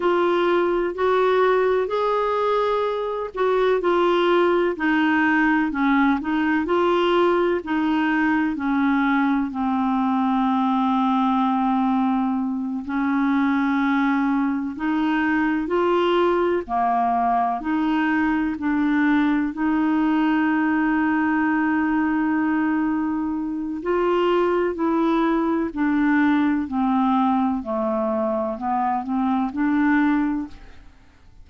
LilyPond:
\new Staff \with { instrumentName = "clarinet" } { \time 4/4 \tempo 4 = 63 f'4 fis'4 gis'4. fis'8 | f'4 dis'4 cis'8 dis'8 f'4 | dis'4 cis'4 c'2~ | c'4. cis'2 dis'8~ |
dis'8 f'4 ais4 dis'4 d'8~ | d'8 dis'2.~ dis'8~ | dis'4 f'4 e'4 d'4 | c'4 a4 b8 c'8 d'4 | }